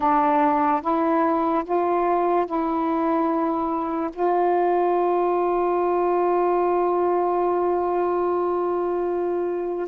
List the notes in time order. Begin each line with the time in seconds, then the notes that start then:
0.00 D4
0.81 E4
1.64 F4
2.46 E4
4.13 F4